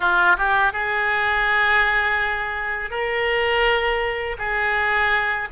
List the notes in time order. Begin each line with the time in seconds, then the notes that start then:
0.00 F4
0.37 G4
0.72 G#4
2.90 A#4
4.38 G#4